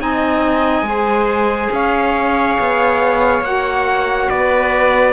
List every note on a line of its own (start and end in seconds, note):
0.00 0.82 C4
0.00 0.86 D#4
0.00 0.89 D#5
0.00 1.72 G#5
0.82 1.68 G#3
0.82 3.43 G#4
0.89 1.73 C5
1.72 2.58 C#4
1.72 4.30 C#5
1.72 3.44 F5
2.59 3.42 B3
3.42 4.27 A#3
3.42 5.13 F#4
3.42 4.29 F#5
4.29 5.13 B3
4.29 5.13 B4
4.29 5.13 D5